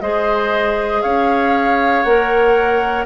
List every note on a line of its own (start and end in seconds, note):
0.00 1.02 G#3
0.00 2.05 G#4
0.00 1.02 C5
0.00 1.02 D#5
1.02 2.04 C#4
1.02 3.05 C#5
1.02 2.03 F5
2.03 3.05 A#3
2.03 3.05 A#4
2.03 3.04 F#5